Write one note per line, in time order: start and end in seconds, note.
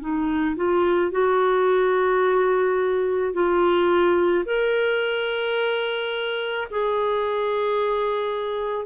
0.00 0.56 D#4
0.56 1.11 F4
1.11 3.33 F#4
3.33 4.44 F4
4.45 6.67 A#4
6.70 8.85 G#4